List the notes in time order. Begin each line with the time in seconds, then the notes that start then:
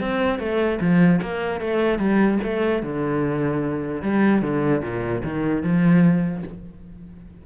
0.00 C4
0.39 A3
0.80 F3
1.22 A#3
1.60 A3
1.98 G3
2.43 A3
2.83 D3
4.02 G3
4.42 D3
4.82 A#2
5.24 D#3
5.62 F3